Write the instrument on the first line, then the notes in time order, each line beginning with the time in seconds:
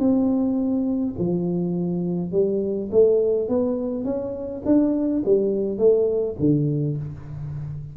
tuba
0.00 C4
1.19 F3
2.32 G3
2.92 A3
3.49 B3
4.05 C#4
4.66 D4
5.26 G3
5.78 A3
6.40 D3